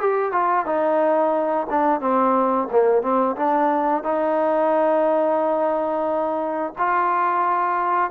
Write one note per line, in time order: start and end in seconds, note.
0.00 0.32 G4
0.32 0.66 F4
0.66 1.67 D#4
1.70 2.00 D4
2.00 2.68 C4
2.71 3.02 A#3
3.02 3.36 C4
3.36 4.03 D4
4.03 6.73 D#4
6.78 8.11 F4